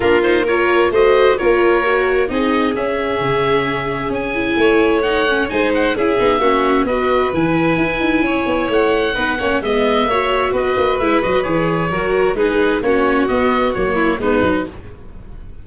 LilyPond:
<<
  \new Staff \with { instrumentName = "oboe" } { \time 4/4 \tempo 4 = 131 ais'8 c''8 cis''4 dis''4 cis''4~ | cis''4 dis''4 e''2~ | e''4 gis''2 fis''4 | gis''8 fis''8 e''2 dis''4 |
gis''2. fis''4~ | fis''4 e''2 dis''4 | e''8 dis''8 cis''2 b'4 | cis''4 dis''4 cis''4 b'4 | }
  \new Staff \with { instrumentName = "violin" } { \time 4/4 f'4 ais'4 c''4 ais'4~ | ais'4 gis'2.~ | gis'2 cis''2 | c''4 gis'4 fis'4 b'4~ |
b'2 cis''2 | b'8 cis''8 dis''4 cis''4 b'4~ | b'2 ais'4 gis'4 | fis'2~ fis'8 e'8 dis'4 | }
  \new Staff \with { instrumentName = "viola" } { \time 4/4 d'8 dis'8 f'4 fis'4 f'4 | fis'4 dis'4 cis'2~ | cis'4. e'4. dis'8 cis'8 | dis'4 e'8 dis'8 cis'4 fis'4 |
e'1 | dis'8 cis'8 b4 fis'2 | e'8 fis'8 gis'4 fis'4 dis'4 | cis'4 b4 ais4 b8 dis'8 | }
  \new Staff \with { instrumentName = "tuba" } { \time 4/4 ais2 a4 ais4~ | ais4 c'4 cis'4 cis4~ | cis4 cis'4 a2 | gis4 cis'8 b8 ais4 b4 |
e4 e'8 dis'8 cis'8 b8 a4 | b8 ais8 gis4 ais4 b8 ais8 | gis8 fis8 e4 fis4 gis4 | ais4 b4 fis4 gis8 fis8 | }
>>